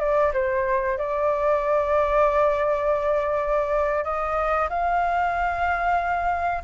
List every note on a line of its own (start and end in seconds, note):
0.00 0.32 D5
0.33 0.98 C5
0.98 4.04 D5
4.04 4.69 D#5
4.70 6.63 F5